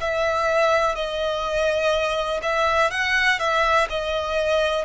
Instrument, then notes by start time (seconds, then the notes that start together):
violin
0.00 E5
0.95 D#5
2.42 E5
2.91 F#5
3.39 E5
3.89 D#5